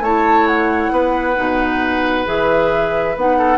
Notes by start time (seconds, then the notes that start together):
0.00 A3 E4 C#5 A5
0.47 F#5
0.92 B3 B4
1.36 B2 D#4
2.25 E3 G#4 E5
3.16 B3 D#4 F#5
3.39 A4